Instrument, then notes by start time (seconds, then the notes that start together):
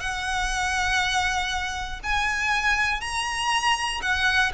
violin
0.00 F#5
2.03 G#5
3.01 A#5
4.02 F#5